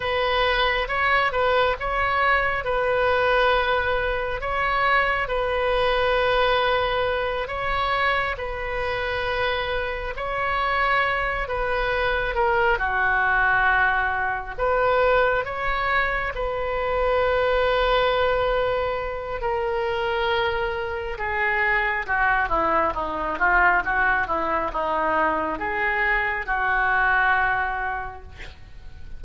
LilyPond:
\new Staff \with { instrumentName = "oboe" } { \time 4/4 \tempo 4 = 68 b'4 cis''8 b'8 cis''4 b'4~ | b'4 cis''4 b'2~ | b'8 cis''4 b'2 cis''8~ | cis''4 b'4 ais'8 fis'4.~ |
fis'8 b'4 cis''4 b'4.~ | b'2 ais'2 | gis'4 fis'8 e'8 dis'8 f'8 fis'8 e'8 | dis'4 gis'4 fis'2 | }